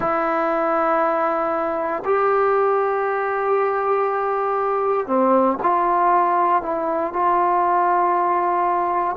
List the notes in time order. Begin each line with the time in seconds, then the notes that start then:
0.00 E4
2.04 G4
5.06 C4
5.62 F4
6.62 E4
7.12 F4